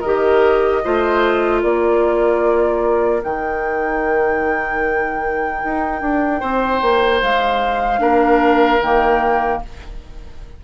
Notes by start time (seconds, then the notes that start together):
0.00 D#3 G4 A#4 D#5
0.84 A3 F4 C5
1.62 A#3 A#4 D5
3.22 D#3 D#4 G5
5.64 D#4
6.01 D4
6.40 C4 C5
6.82 A#3
7.22 G#3 F5
7.98 A#3 D4 A#4
8.81 D#3 A#3 G5